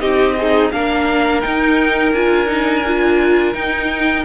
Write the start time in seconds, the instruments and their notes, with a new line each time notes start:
0.00 cello C4, viola D#4, violin G4 D#5
0.38 violin D#4, viola G#4
0.71 cello A#3, viola D4, violin A#4 F5
1.41 viola D#4, cello D#4, violin G5
2.13 cello D4, viola F4, violin G#5
2.47 viola D#4
2.86 viola F4
3.54 viola D#4, cello D#4, violin G5